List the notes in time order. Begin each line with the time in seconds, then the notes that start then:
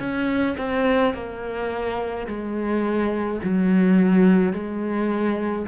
0.00 C#4
0.58 C4
1.14 A#3
2.27 G#3
3.44 F#3
4.53 G#3